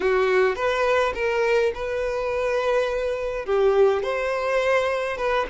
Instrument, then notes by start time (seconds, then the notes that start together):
violin
0.00 F#4
0.55 B4
1.14 A#4
1.74 B4
3.45 G4
4.03 C5
5.17 B4